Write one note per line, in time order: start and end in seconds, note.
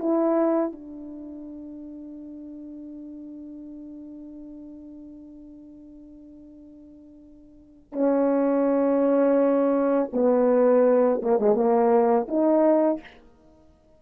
0.00 0.72 E4
0.72 7.93 D4
7.93 10.09 C#4
10.13 11.21 B3
11.22 11.39 A#3
11.39 11.55 G#3
11.55 12.27 A#3
12.28 13.01 D#4